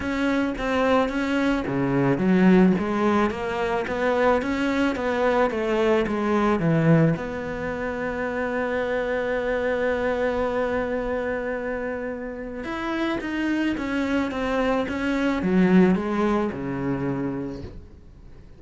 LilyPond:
\new Staff \with { instrumentName = "cello" } { \time 4/4 \tempo 4 = 109 cis'4 c'4 cis'4 cis4 | fis4 gis4 ais4 b4 | cis'4 b4 a4 gis4 | e4 b2.~ |
b1~ | b2. e'4 | dis'4 cis'4 c'4 cis'4 | fis4 gis4 cis2 | }